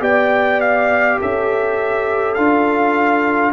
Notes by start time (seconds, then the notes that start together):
0.00 B3 G4 D5 G5
0.60 F5
1.20 C#4 A4 E5
2.34 D4 F4 F5